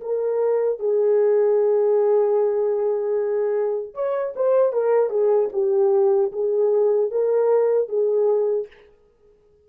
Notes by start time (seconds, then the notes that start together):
0.00 A#4
0.79 G#4
3.94 C#5
4.35 C5
4.72 A#4
5.10 G#4
5.52 G4
6.32 G#4
7.11 A#4
7.88 G#4